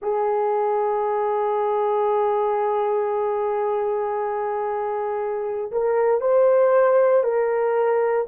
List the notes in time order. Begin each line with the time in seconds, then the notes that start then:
0.02 G#4
5.71 A#4
6.21 C5
7.23 A#4